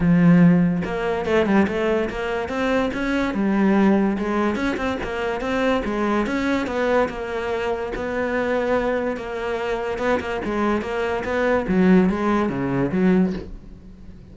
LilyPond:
\new Staff \with { instrumentName = "cello" } { \time 4/4 \tempo 4 = 144 f2 ais4 a8 g8 | a4 ais4 c'4 cis'4 | g2 gis4 cis'8 c'8 | ais4 c'4 gis4 cis'4 |
b4 ais2 b4~ | b2 ais2 | b8 ais8 gis4 ais4 b4 | fis4 gis4 cis4 fis4 | }